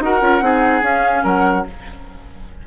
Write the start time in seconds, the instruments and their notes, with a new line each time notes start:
0.00 bassoon D#4, clarinet F#4, oboe A#4, flute F#5
0.21 bassoon C#4, clarinet F4
0.41 bassoon C4, clarinet D#4, oboe G#4
0.82 bassoon C#4, clarinet C#4, flute F5
1.24 bassoon F#3, oboe A#4, flute F#5